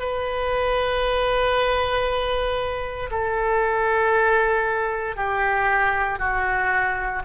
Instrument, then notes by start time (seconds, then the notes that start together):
oboe
0.00 B4
3.11 A4
5.17 G4
6.19 F#4